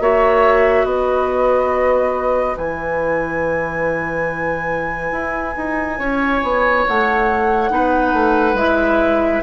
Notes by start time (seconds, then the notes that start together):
0.00 A#3 F#4 C#5 E5
0.84 B3 B4 D#5
2.57 E3 E4 G#5
5.12 E4
5.57 D#4
5.99 C#4 C#5
6.43 B3
6.88 A3 F#5
7.69 B3 D#4 B4
8.13 A3
8.54 G#3 E4 E5